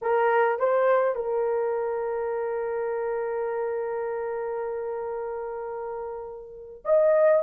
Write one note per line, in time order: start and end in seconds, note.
0.01 0.59 A#4
0.59 1.15 C5
1.15 6.83 A#4
6.84 7.43 D#5